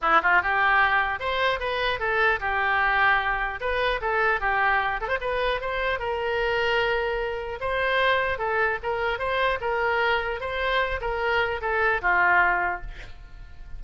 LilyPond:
\new Staff \with { instrumentName = "oboe" } { \time 4/4 \tempo 4 = 150 e'8 f'8 g'2 c''4 | b'4 a'4 g'2~ | g'4 b'4 a'4 g'4~ | g'8 a'16 c''16 b'4 c''4 ais'4~ |
ais'2. c''4~ | c''4 a'4 ais'4 c''4 | ais'2 c''4. ais'8~ | ais'4 a'4 f'2 | }